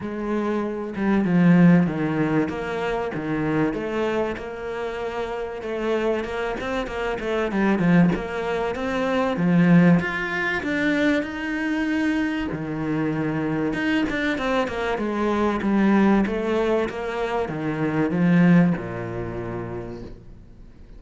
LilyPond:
\new Staff \with { instrumentName = "cello" } { \time 4/4 \tempo 4 = 96 gis4. g8 f4 dis4 | ais4 dis4 a4 ais4~ | ais4 a4 ais8 c'8 ais8 a8 | g8 f8 ais4 c'4 f4 |
f'4 d'4 dis'2 | dis2 dis'8 d'8 c'8 ais8 | gis4 g4 a4 ais4 | dis4 f4 ais,2 | }